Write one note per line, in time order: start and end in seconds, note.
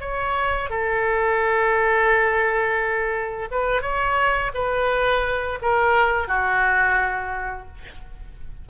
0.00 0.69 C#5
0.69 3.49 A4
3.51 3.82 B4
3.82 4.51 C#5
4.54 5.59 B4
5.62 6.28 A#4
6.28 7.67 F#4